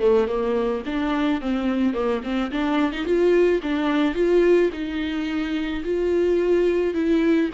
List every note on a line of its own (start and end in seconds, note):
0.00 0.28 A3
0.28 0.83 A#3
0.86 1.41 D4
1.41 1.94 C4
1.94 2.22 A#3
2.24 2.52 C4
2.52 2.92 D4
2.92 3.05 D#4
3.05 3.61 F4
3.63 4.15 D4
4.15 4.70 F4
4.73 5.84 D#4
5.85 6.95 F4
6.95 7.51 E4